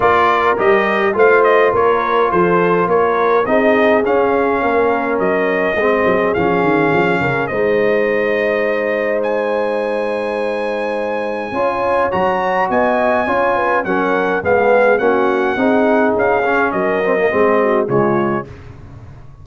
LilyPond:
<<
  \new Staff \with { instrumentName = "trumpet" } { \time 4/4 \tempo 4 = 104 d''4 dis''4 f''8 dis''8 cis''4 | c''4 cis''4 dis''4 f''4~ | f''4 dis''2 f''4~ | f''4 dis''2. |
gis''1~ | gis''4 ais''4 gis''2 | fis''4 f''4 fis''2 | f''4 dis''2 cis''4 | }
  \new Staff \with { instrumentName = "horn" } { \time 4/4 ais'2 c''4 ais'4 | a'4 ais'4 gis'2 | ais'2 gis'2~ | gis'8 ais'8 c''2.~ |
c''1 | cis''2 dis''4 cis''8 b'8 | ais'4 gis'4 fis'4 gis'4~ | gis'4 ais'4 gis'8 fis'8 f'4 | }
  \new Staff \with { instrumentName = "trombone" } { \time 4/4 f'4 g'4 f'2~ | f'2 dis'4 cis'4~ | cis'2 c'4 cis'4~ | cis'4 dis'2.~ |
dis'1 | f'4 fis'2 f'4 | cis'4 b4 cis'4 dis'4~ | dis'8 cis'4 c'16 ais16 c'4 gis4 | }
  \new Staff \with { instrumentName = "tuba" } { \time 4/4 ais4 g4 a4 ais4 | f4 ais4 c'4 cis'4 | ais4 fis4 gis8 fis8 f8 dis8 | f8 cis8 gis2.~ |
gis1 | cis'4 fis4 b4 cis'4 | fis4 gis4 ais4 c'4 | cis'4 fis4 gis4 cis4 | }
>>